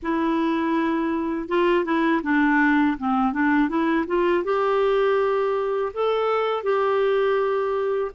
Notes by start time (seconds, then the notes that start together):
0.02 E4
1.48 F4
1.84 E4
2.23 D4
2.98 C4
3.33 D4
3.68 E4
4.06 F4
4.44 G4
5.93 A4
6.63 G4